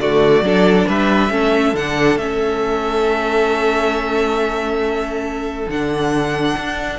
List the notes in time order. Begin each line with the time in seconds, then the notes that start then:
0.00 D3 A3 F#4 D5
0.41 F#3 D4 A4
0.88 G3 B4 E5
1.29 A3 C#4 A4
1.74 D3 D4 F#5
2.16 A3 C#4 E5
5.68 D3 D4 F#5
6.56 D4